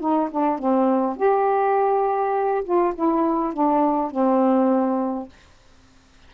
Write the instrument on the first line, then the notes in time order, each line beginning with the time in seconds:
saxophone
0.00 D#4
0.31 D4
0.59 C4
1.17 G4
2.64 F4
2.95 E4
3.53 D4
4.11 C4